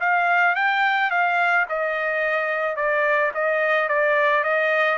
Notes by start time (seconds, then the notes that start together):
0.00 F5
0.55 G5
1.10 F5
1.69 D#5
2.76 D5
3.34 D#5
3.88 D5
4.43 D#5